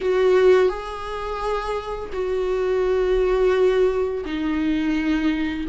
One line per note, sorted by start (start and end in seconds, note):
0.01 0.68 F#4
0.68 2.10 G#4
2.12 4.24 F#4
4.25 5.66 D#4